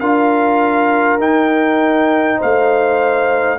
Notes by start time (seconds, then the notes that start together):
0.00 D4 F4 A#4 F5
1.18 D#4 G5
2.38 A3 C5 F5